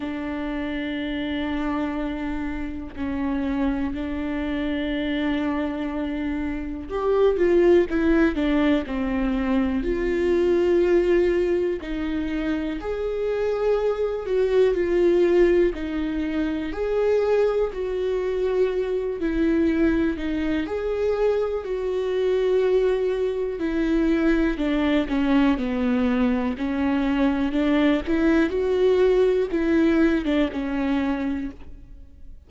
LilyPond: \new Staff \with { instrumentName = "viola" } { \time 4/4 \tempo 4 = 61 d'2. cis'4 | d'2. g'8 f'8 | e'8 d'8 c'4 f'2 | dis'4 gis'4. fis'8 f'4 |
dis'4 gis'4 fis'4. e'8~ | e'8 dis'8 gis'4 fis'2 | e'4 d'8 cis'8 b4 cis'4 | d'8 e'8 fis'4 e'8. d'16 cis'4 | }